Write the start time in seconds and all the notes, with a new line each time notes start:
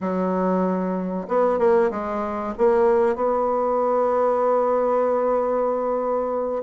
0.00 F#3
1.28 B3
1.58 A#3
1.90 G#3
2.58 A#3
3.15 B3